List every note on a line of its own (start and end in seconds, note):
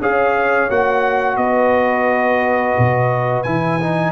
0.00 0.69 C#4
0.00 0.69 G#4
0.00 1.38 C#5
0.00 0.70 F5
0.69 1.36 A#3
0.69 3.45 F#4
0.69 1.36 F#5
1.36 2.74 B3
1.36 4.12 B4
1.36 3.43 D#5
2.78 3.45 B2
3.43 4.12 E3
3.43 3.79 E4
3.43 4.12 G#5
3.80 4.12 D#4